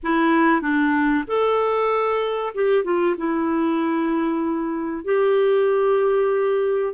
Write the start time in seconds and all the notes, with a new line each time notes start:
0.03 E4
0.61 D4
1.27 A4
2.54 G4
2.84 F4
3.17 E4
5.04 G4